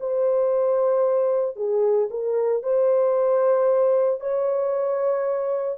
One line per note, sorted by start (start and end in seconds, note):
0.00 1.56 C5
1.56 2.09 G#4
2.11 2.63 A#4
2.63 4.20 C5
4.20 5.78 C#5